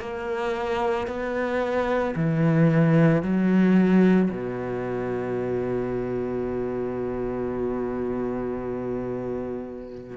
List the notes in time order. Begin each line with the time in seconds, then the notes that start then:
0.00 A#3
1.07 B3
2.16 E3
3.22 F#3
4.31 B2